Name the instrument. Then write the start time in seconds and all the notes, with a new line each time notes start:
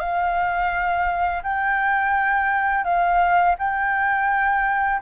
flute
0.00 F5
1.43 G5
2.84 F5
3.59 G5